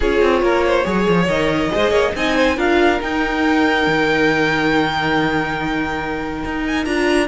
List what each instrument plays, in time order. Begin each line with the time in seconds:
0.00 cello C#4, viola F4, violin G#4 C#5
0.22 cello C4
0.42 cello A#3, violin A#4
0.65 violin C5
0.83 cello F#3, viola G#4, violin C#5
1.08 cello F3
1.27 cello D#3, viola A#4, violin D#5
1.70 cello G#3, viola G#4, violin C5
1.90 cello A#3, violin C#5
2.15 cello C4, viola D#4, violin D#5 G#5
2.36 violin C5
2.56 cello D4, viola F4, violin A#4 F5
3.00 viola D#4, cello D#4, violin G5
3.86 cello D#3
6.44 cello D#4
6.66 violin G#5
6.84 cello D4, viola F4, violin A#5